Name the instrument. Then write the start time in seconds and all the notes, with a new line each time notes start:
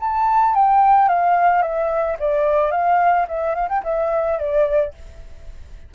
flute
0.00 A5
0.55 G5
1.09 F5
1.62 E5
2.19 D5
2.71 F5
3.28 E5
3.55 F5
3.69 G5
3.84 E5
4.39 D5